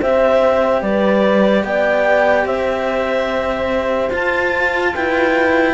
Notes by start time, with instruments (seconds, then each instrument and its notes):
0.00 cello C4 G4, horn C5, clarinet E5
0.81 cello G3, horn B4, clarinet D5
1.63 cello B3, horn D5, clarinet G5
2.45 cello C4, horn C5, clarinet E5
4.09 cello F4, clarinet A5
4.94 cello E4, horn B4, clarinet G5